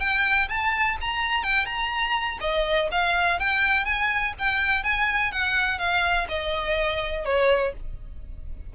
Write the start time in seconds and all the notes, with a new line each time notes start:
0.00 G5
0.49 A5
1.02 A#5
1.44 G5
1.66 A#5
2.41 D#5
2.92 F5
3.40 G5
3.86 G#5
4.39 G5
4.84 G#5
5.32 F#5
5.79 F5
6.29 D#5
7.26 C#5